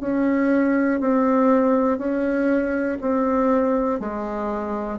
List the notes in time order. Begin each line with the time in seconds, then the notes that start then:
0.00 C#4
1.00 C4
1.98 C#4
3.01 C4
3.99 G#3